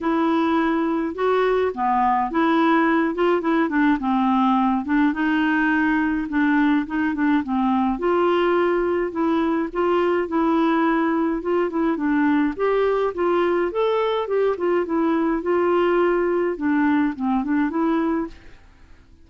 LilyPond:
\new Staff \with { instrumentName = "clarinet" } { \time 4/4 \tempo 4 = 105 e'2 fis'4 b4 | e'4. f'8 e'8 d'8 c'4~ | c'8 d'8 dis'2 d'4 | dis'8 d'8 c'4 f'2 |
e'4 f'4 e'2 | f'8 e'8 d'4 g'4 f'4 | a'4 g'8 f'8 e'4 f'4~ | f'4 d'4 c'8 d'8 e'4 | }